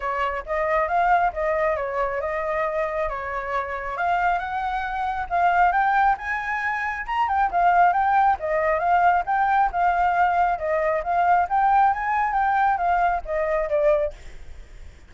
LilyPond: \new Staff \with { instrumentName = "flute" } { \time 4/4 \tempo 4 = 136 cis''4 dis''4 f''4 dis''4 | cis''4 dis''2 cis''4~ | cis''4 f''4 fis''2 | f''4 g''4 gis''2 |
ais''8 g''8 f''4 g''4 dis''4 | f''4 g''4 f''2 | dis''4 f''4 g''4 gis''4 | g''4 f''4 dis''4 d''4 | }